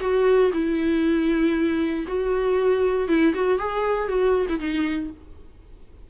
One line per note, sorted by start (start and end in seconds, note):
0.00 0.51 F#4
0.53 2.05 E4
2.07 3.08 F#4
3.08 3.33 E4
3.34 3.58 F#4
3.58 4.08 G#4
4.08 4.46 F#4
4.49 4.59 E4
4.59 5.10 D#4